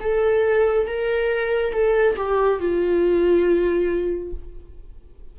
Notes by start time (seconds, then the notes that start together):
0.00 A4
0.87 A#4
1.72 A4
2.16 G4
2.59 F4